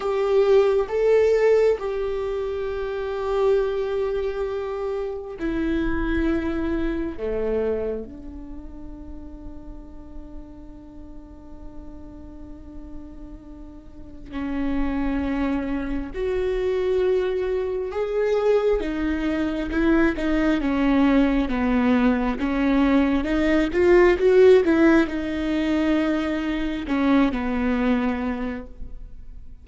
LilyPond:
\new Staff \with { instrumentName = "viola" } { \time 4/4 \tempo 4 = 67 g'4 a'4 g'2~ | g'2 e'2 | a4 d'2.~ | d'1 |
cis'2 fis'2 | gis'4 dis'4 e'8 dis'8 cis'4 | b4 cis'4 dis'8 f'8 fis'8 e'8 | dis'2 cis'8 b4. | }